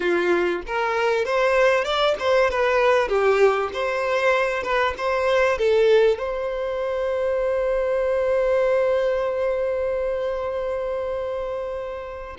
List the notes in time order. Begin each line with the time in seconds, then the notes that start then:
0.00 F4
0.66 A#4
1.25 C5
1.84 D5
2.19 C5
2.50 B4
3.08 G4
3.73 C5
4.63 B4
4.97 C5
5.58 A4
6.18 C5